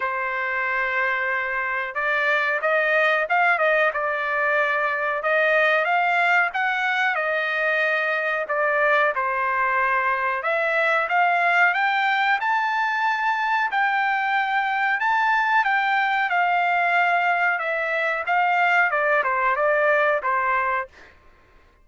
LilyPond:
\new Staff \with { instrumentName = "trumpet" } { \time 4/4 \tempo 4 = 92 c''2. d''4 | dis''4 f''8 dis''8 d''2 | dis''4 f''4 fis''4 dis''4~ | dis''4 d''4 c''2 |
e''4 f''4 g''4 a''4~ | a''4 g''2 a''4 | g''4 f''2 e''4 | f''4 d''8 c''8 d''4 c''4 | }